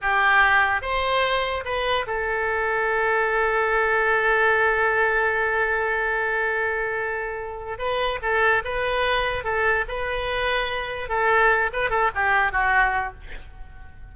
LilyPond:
\new Staff \with { instrumentName = "oboe" } { \time 4/4 \tempo 4 = 146 g'2 c''2 | b'4 a'2.~ | a'1~ | a'1~ |
a'2. b'4 | a'4 b'2 a'4 | b'2. a'4~ | a'8 b'8 a'8 g'4 fis'4. | }